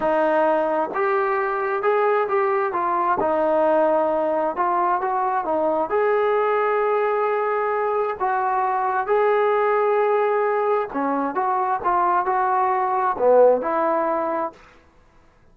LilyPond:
\new Staff \with { instrumentName = "trombone" } { \time 4/4 \tempo 4 = 132 dis'2 g'2 | gis'4 g'4 f'4 dis'4~ | dis'2 f'4 fis'4 | dis'4 gis'2.~ |
gis'2 fis'2 | gis'1 | cis'4 fis'4 f'4 fis'4~ | fis'4 b4 e'2 | }